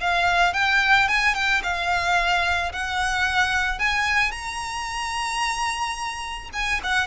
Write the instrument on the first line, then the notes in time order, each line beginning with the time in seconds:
violin
0.00 F5
0.53 G5
1.08 G#5
1.34 G5
1.63 F5
2.72 F#5
3.79 G#5
4.31 A#5
6.53 G#5
6.83 F#5